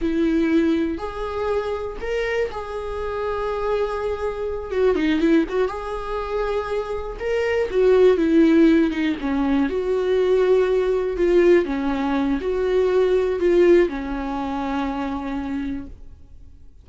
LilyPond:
\new Staff \with { instrumentName = "viola" } { \time 4/4 \tempo 4 = 121 e'2 gis'2 | ais'4 gis'2.~ | gis'4. fis'8 dis'8 e'8 fis'8 gis'8~ | gis'2~ gis'8 ais'4 fis'8~ |
fis'8 e'4. dis'8 cis'4 fis'8~ | fis'2~ fis'8 f'4 cis'8~ | cis'4 fis'2 f'4 | cis'1 | }